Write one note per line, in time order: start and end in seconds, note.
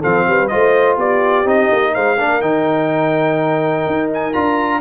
0.00 0.27 F3
0.00 0.49 C4
0.00 0.24 A4
0.00 0.48 F5
0.27 0.51 G3
0.27 0.52 B4
0.48 1.45 F4
0.48 0.97 C5
0.48 0.96 D#5
0.54 0.97 A3
0.97 1.45 B3
0.97 1.93 G4
0.97 1.48 D5
1.45 1.69 C4
1.45 2.17 D#4
1.45 1.94 D#5
1.72 1.96 A#3
1.94 2.19 G#3
1.94 2.17 C5
1.94 2.41 F5
2.17 2.41 A#3
2.17 2.42 D4
2.17 4.81 A#4
2.41 3.85 D#3
2.41 4.34 D#4
2.41 4.09 G5
3.87 4.35 D#4
4.14 4.33 G#5
4.33 4.81 D4
4.33 4.81 F4
4.33 4.81 A#5